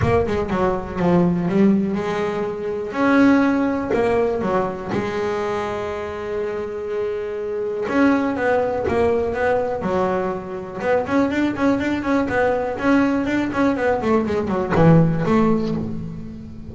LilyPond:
\new Staff \with { instrumentName = "double bass" } { \time 4/4 \tempo 4 = 122 ais8 gis8 fis4 f4 g4 | gis2 cis'2 | ais4 fis4 gis2~ | gis1 |
cis'4 b4 ais4 b4 | fis2 b8 cis'8 d'8 cis'8 | d'8 cis'8 b4 cis'4 d'8 cis'8 | b8 a8 gis8 fis8 e4 a4 | }